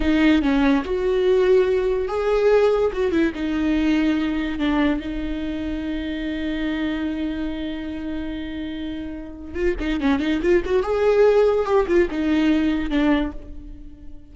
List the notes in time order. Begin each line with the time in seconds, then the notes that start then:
0.00 D#4
0.41 C#4
0.84 F#4
2.08 G#4
2.92 F#4
3.11 E4
3.34 D#4
4.58 D4
5.00 D#4
9.54 F4
9.79 D#4
10.00 C#4
10.19 D#4
10.41 F4
10.65 F#4
10.82 G#4
11.65 G4
11.87 F4
12.10 D#4
12.90 D4